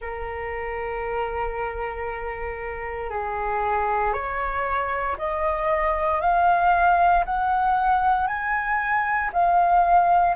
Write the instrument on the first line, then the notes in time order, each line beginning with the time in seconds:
flute
0.00 A#4
3.09 G#4
4.13 C#5
5.17 D#5
6.21 F5
7.25 F#5
8.27 G#5
9.32 F5